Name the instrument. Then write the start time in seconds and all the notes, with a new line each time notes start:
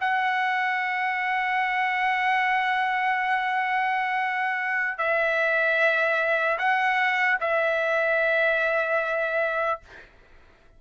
trumpet
0.00 F#5
4.98 E5
6.58 F#5
7.40 E5